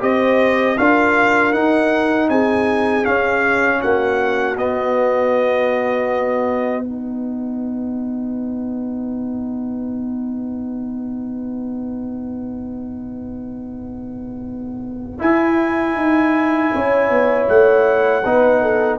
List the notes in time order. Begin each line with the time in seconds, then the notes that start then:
0.00 C4 G4 C5 D#5
0.78 D4 F4 A#4 F5
1.52 D#4 F#5
2.29 C4 G#4 G#5
3.03 C#4 F5
3.80 A#3 F#4 F#5
4.56 B3 D#5
6.83 D#4 B4 F#5
15.19 E4 G#5
15.95 D#4
16.73 C#4 C#5
17.09 B3
17.48 A3 F#5
18.23 B3 D#4 B4
18.61 A4